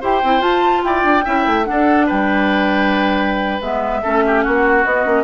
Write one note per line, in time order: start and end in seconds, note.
0.00 0.22 E4
0.00 0.22 G4
0.00 0.82 C5
0.00 0.42 G5
0.23 0.40 C4
0.23 0.40 E4
0.40 1.22 F4
0.40 0.81 F4
0.40 0.83 A5
0.84 1.03 E4
0.84 1.24 D5
0.84 1.64 G5
1.03 1.24 D4
1.24 1.46 C#4
1.24 1.65 E4
1.24 1.65 E5
1.46 1.67 A3
1.64 3.60 D4
1.64 2.06 A4
1.64 2.06 F#5
1.71 2.11 D4
2.06 3.61 G3
2.06 4.01 B4
2.06 3.62 G5
3.61 4.02 G#3
3.61 4.02 B3
3.61 4.42 E5
4.03 4.46 A3
4.03 4.85 C#4
4.03 4.23 A4
4.26 4.43 G4
4.42 4.84 A#3
4.42 5.24 F#4
4.42 4.83 F#5
4.84 5.05 B3
4.84 5.24 D#5
5.05 5.24 A#3
5.05 5.24 C#4